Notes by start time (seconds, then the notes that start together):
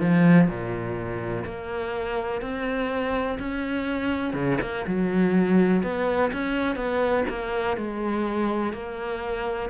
0.00 F3
0.48 A#2
1.45 A#3
2.41 C4
3.39 C#4
4.33 C#3
4.61 A#3
4.87 F#3
5.82 B3
6.32 C#4
6.76 B3
7.28 A#3
7.76 G#3
8.73 A#3